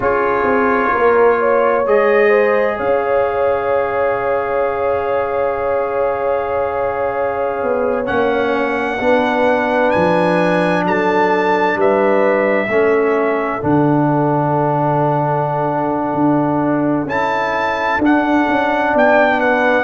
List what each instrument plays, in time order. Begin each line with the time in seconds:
0.00 tuba C#4, trombone F4, horn G#4, trumpet C#5
0.43 tuba C4
0.92 tuba A#3, horn A#4
1.39 horn C#5
1.86 tuba G#3, trombone G#4, trumpet D#5
2.28 horn C5
2.77 tuba C#4, horn C#5, trumpet F5
7.62 tuba B3
8.05 tuba A#3, trombone C#4, trumpet F#5
8.98 tuba B3, trombone D4, horn B4
9.90 tuba F3, trumpet G#5
10.84 tuba F#3, horn A4, trumpet A5
11.75 tuba G3, horn B4, trumpet E5
12.67 tuba A3, trombone C#4, horn A4
13.61 tuba D3, trombone D4, trumpet F#5
16.13 tuba D4
17.04 tuba C#4, trombone E4, trumpet A5
17.98 tuba D4, trombone D4
18.04 trumpet F#5
18.48 tuba C#4
18.92 tuba B3, horn D5, trumpet G5
19.38 horn B4, trumpet F#5